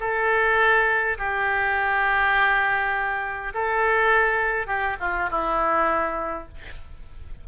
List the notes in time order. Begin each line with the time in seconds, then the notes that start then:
0.00 A4
1.18 G4
3.54 A4
4.67 G4
5.00 F4
5.30 E4